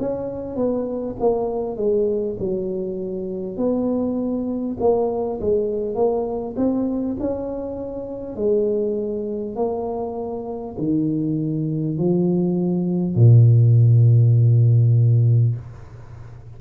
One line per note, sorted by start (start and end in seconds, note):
0.00 0.56 C#4
0.56 1.16 B3
1.21 1.77 A#3
1.77 2.37 G#3
2.40 3.57 F#3
3.57 4.77 B3
4.81 5.41 A#3
5.41 5.96 G#3
5.96 6.56 A#3
6.57 7.17 C4
7.21 8.36 C#4
8.36 9.56 G#3
9.56 10.76 A#3
10.78 11.98 D#3
11.98 13.16 F3
13.16 15.56 A#2